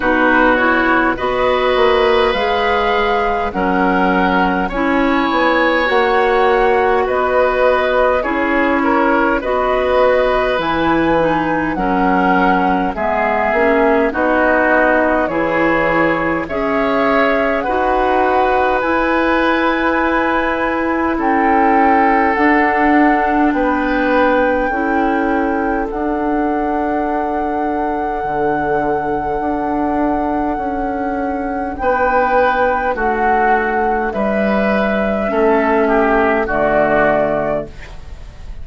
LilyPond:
<<
  \new Staff \with { instrumentName = "flute" } { \time 4/4 \tempo 4 = 51 b'8 cis''8 dis''4 f''4 fis''4 | gis''4 fis''4 dis''4 cis''4 | dis''4 gis''4 fis''4 e''4 | dis''4 cis''4 e''4 fis''4 |
gis''2 g''4 fis''4 | g''2 fis''2~ | fis''2. g''4 | fis''4 e''2 d''4 | }
  \new Staff \with { instrumentName = "oboe" } { \time 4/4 fis'4 b'2 ais'4 | cis''2 b'4 gis'8 ais'8 | b'2 ais'4 gis'4 | fis'4 gis'4 cis''4 b'4~ |
b'2 a'2 | b'4 a'2.~ | a'2. b'4 | fis'4 b'4 a'8 g'8 fis'4 | }
  \new Staff \with { instrumentName = "clarinet" } { \time 4/4 dis'8 e'8 fis'4 gis'4 cis'4 | e'4 fis'2 e'4 | fis'4 e'8 dis'8 cis'4 b8 cis'8 | dis'4 e'4 gis'4 fis'4 |
e'2. d'4~ | d'4 e'4 d'2~ | d'1~ | d'2 cis'4 a4 | }
  \new Staff \with { instrumentName = "bassoon" } { \time 4/4 b,4 b8 ais8 gis4 fis4 | cis'8 b8 ais4 b4 cis'4 | b4 e4 fis4 gis8 ais8 | b4 e4 cis'4 dis'4 |
e'2 cis'4 d'4 | b4 cis'4 d'2 | d4 d'4 cis'4 b4 | a4 g4 a4 d4 | }
>>